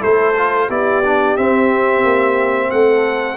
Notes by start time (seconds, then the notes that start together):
0.00 A3 E4 A4 C5
0.37 F4
0.68 B3 E4 G4 D5
1.05 D4
1.37 C4 E5
2.04 A#3
2.71 A3 A4 F#5